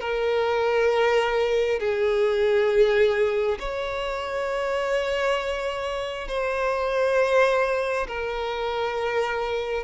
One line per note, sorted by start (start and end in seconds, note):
0.00 1.79 A#4
1.79 3.58 G#4
3.59 6.27 C#5
6.27 8.06 C5
8.07 9.83 A#4